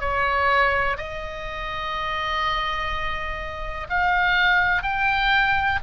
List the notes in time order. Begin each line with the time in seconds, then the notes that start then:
0.00 C#5
0.97 D#5
3.90 F5
4.83 G5